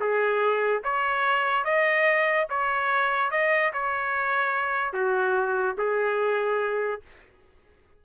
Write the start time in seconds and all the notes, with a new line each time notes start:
0.00 G#4
0.83 C#5
1.64 D#5
2.49 C#5
3.31 D#5
3.73 C#5
4.93 F#4
5.77 G#4